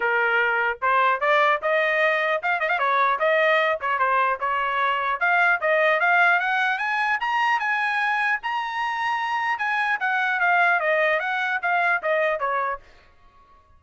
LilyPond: \new Staff \with { instrumentName = "trumpet" } { \time 4/4 \tempo 4 = 150 ais'2 c''4 d''4 | dis''2 f''8 dis''16 f''16 cis''4 | dis''4. cis''8 c''4 cis''4~ | cis''4 f''4 dis''4 f''4 |
fis''4 gis''4 ais''4 gis''4~ | gis''4 ais''2. | gis''4 fis''4 f''4 dis''4 | fis''4 f''4 dis''4 cis''4 | }